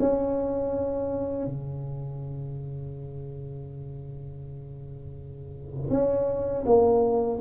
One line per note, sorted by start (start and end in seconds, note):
0.00 1.46 C#4
1.46 5.91 C#3
5.91 6.65 C#4
6.66 7.40 A#3